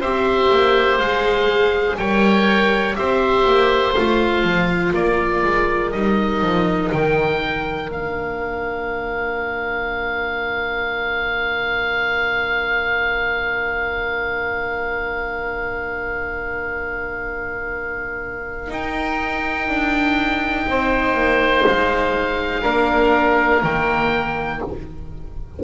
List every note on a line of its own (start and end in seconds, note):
0.00 0.50 C4
0.00 1.02 G4
0.00 1.97 C5
0.00 0.98 E5
0.50 0.98 A#3
0.98 1.97 G#3
0.98 1.97 G#4
0.98 1.96 F5
1.97 2.96 G3
1.97 2.94 A#4
1.97 2.97 C#5
1.97 2.95 G5
2.94 3.46 C4
2.94 3.92 G4
2.94 4.93 C5
2.94 3.93 E5
3.46 3.95 A#3
3.94 4.43 A3
3.94 5.93 F4
3.94 4.92 F5
4.43 4.92 F3
4.93 5.43 A#3
4.93 20.67 A#4
4.93 5.91 D5
5.43 5.92 G#3
5.91 6.41 G3
5.91 7.89 D#4
5.91 6.89 D#5
6.41 6.90 F3
6.91 7.89 D#3
6.91 7.90 G5
7.89 18.70 A#3
7.89 18.68 D4
7.89 18.72 F5
18.68 22.61 D#4
18.68 19.68 D#4
18.68 21.66 G5
19.68 20.66 D4
20.67 21.14 C4
20.67 22.62 C5
21.14 21.63 A#3
21.66 22.65 G#3
21.66 23.63 F5
22.62 23.63 A#3
22.62 23.61 D4
22.62 24.59 A#4
23.63 24.61 D#3
23.63 24.63 A#3
23.63 24.62 G5